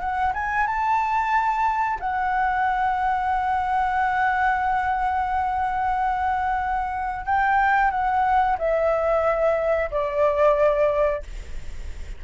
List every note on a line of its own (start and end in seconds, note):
0.00 0.33 F#5
0.34 0.67 G#5
0.67 1.99 A5
2.00 7.26 F#5
7.26 7.91 G5
7.91 8.57 F#5
8.58 9.90 E5
9.91 11.23 D5